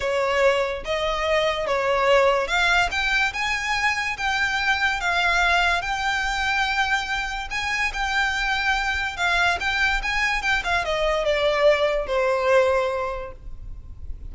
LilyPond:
\new Staff \with { instrumentName = "violin" } { \time 4/4 \tempo 4 = 144 cis''2 dis''2 | cis''2 f''4 g''4 | gis''2 g''2 | f''2 g''2~ |
g''2 gis''4 g''4~ | g''2 f''4 g''4 | gis''4 g''8 f''8 dis''4 d''4~ | d''4 c''2. | }